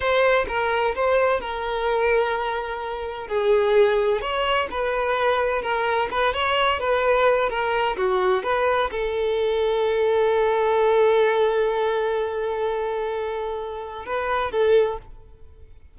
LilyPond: \new Staff \with { instrumentName = "violin" } { \time 4/4 \tempo 4 = 128 c''4 ais'4 c''4 ais'4~ | ais'2. gis'4~ | gis'4 cis''4 b'2 | ais'4 b'8 cis''4 b'4. |
ais'4 fis'4 b'4 a'4~ | a'1~ | a'1~ | a'2 b'4 a'4 | }